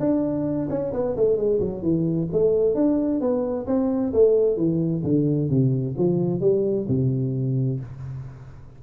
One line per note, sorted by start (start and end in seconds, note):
0.00 0.69 D4
0.70 0.93 C#4
0.93 1.16 B3
1.16 1.37 A3
1.37 1.60 G#3
1.60 1.83 F#3
1.83 2.28 E3
2.33 2.75 A3
2.75 3.21 D4
3.21 3.67 B3
3.67 4.13 C4
4.13 4.57 A3
4.57 5.03 E3
5.04 5.50 D3
5.50 5.95 C3
5.98 6.41 F3
6.41 6.87 G3
6.89 7.80 C3